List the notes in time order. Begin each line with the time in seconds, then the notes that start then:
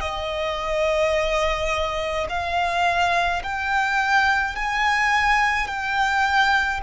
0.00 D#5
2.29 F5
3.43 G5
4.55 G#5
5.67 G5